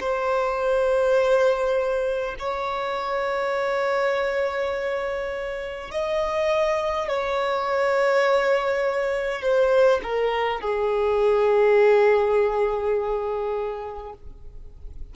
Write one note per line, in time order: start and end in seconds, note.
0.00 2.35 C5
2.39 5.91 C#5
5.91 7.08 D#5
7.08 9.42 C#5
9.42 10.01 C5
10.03 10.60 A#4
10.60 14.13 G#4